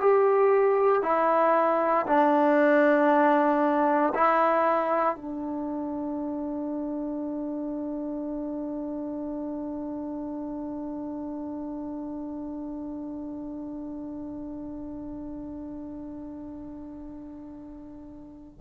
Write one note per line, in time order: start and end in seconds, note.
0.00 1.03 G4
1.03 2.06 E4
2.06 4.13 D4
4.14 5.16 E4
5.16 18.61 D4